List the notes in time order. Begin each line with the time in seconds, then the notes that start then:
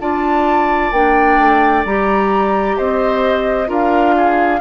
0.00 D4 F4 D5 A5
0.92 A#3 D4 G5
1.38 A3
1.85 G3 G4 A#5
2.77 C4 C5 D#5
3.66 D4 F4 A#4 F5
4.17 G#4